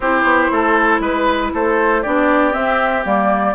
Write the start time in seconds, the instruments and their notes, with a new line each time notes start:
0.00 bassoon C4, clarinet E4, oboe G4, flute C5
0.23 bassoon B3
0.51 bassoon A3, oboe A4
1.00 bassoon G#3, oboe B4, flute B4
1.53 bassoon A3, oboe A4, flute C5
2.02 bassoon B3, clarinet D4, oboe G4, flute D5
2.52 clarinet C4, bassoon C4, flute E5
3.04 bassoon G3, clarinet A#3, flute D5